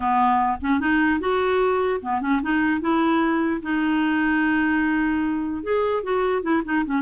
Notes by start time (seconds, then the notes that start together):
0.00 B3
0.61 C#4
0.80 D#4
1.20 F#4
2.02 B3
2.21 C#4
2.42 D#4
2.80 E4
3.62 D#4
5.63 G#4
6.03 F#4
6.42 E4
6.65 D#4
6.85 C#4